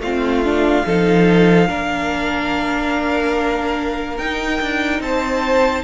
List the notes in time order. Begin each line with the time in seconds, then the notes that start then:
0.00 A3 C4 F4 F5
0.45 D4
0.86 F3 D#4 A4
1.68 A#3 D4 A#4
4.18 D#4 G5
4.61 D4
5.00 C4 C5 A5